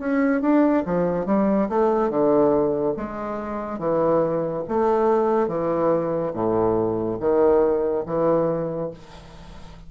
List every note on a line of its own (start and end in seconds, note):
0.00 0.42 C#4
0.42 0.84 D4
0.86 1.26 F3
1.26 1.69 G3
1.69 2.10 A3
2.10 2.95 D3
2.97 3.79 G#3
3.79 4.64 E3
4.69 5.48 A3
5.48 6.33 E3
6.34 7.18 A2
7.20 8.05 D#3
8.06 8.91 E3